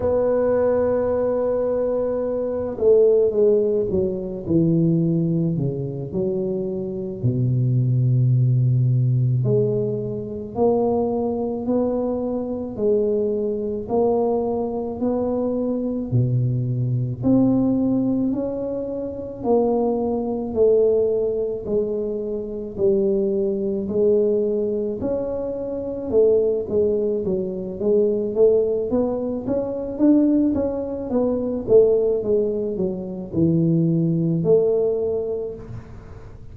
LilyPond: \new Staff \with { instrumentName = "tuba" } { \time 4/4 \tempo 4 = 54 b2~ b8 a8 gis8 fis8 | e4 cis8 fis4 b,4.~ | b,8 gis4 ais4 b4 gis8~ | gis8 ais4 b4 b,4 c'8~ |
c'8 cis'4 ais4 a4 gis8~ | gis8 g4 gis4 cis'4 a8 | gis8 fis8 gis8 a8 b8 cis'8 d'8 cis'8 | b8 a8 gis8 fis8 e4 a4 | }